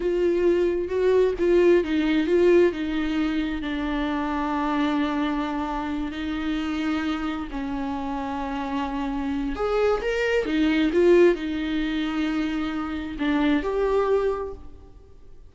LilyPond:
\new Staff \with { instrumentName = "viola" } { \time 4/4 \tempo 4 = 132 f'2 fis'4 f'4 | dis'4 f'4 dis'2 | d'1~ | d'4. dis'2~ dis'8~ |
dis'8 cis'2.~ cis'8~ | cis'4 gis'4 ais'4 dis'4 | f'4 dis'2.~ | dis'4 d'4 g'2 | }